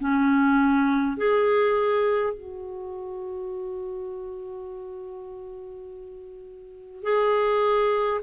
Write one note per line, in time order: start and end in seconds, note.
0.00 1.17 C#4
1.17 2.34 G#4
2.34 7.03 F#4
7.03 8.21 G#4